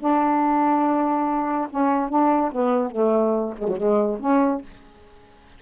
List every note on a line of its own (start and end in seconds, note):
0.00 1.68 D4
1.70 2.09 C#4
2.09 2.51 D4
2.52 2.91 B3
2.91 3.54 A3
3.58 3.68 G#3
3.68 3.77 F#3
3.77 4.19 G#3
4.20 4.62 C#4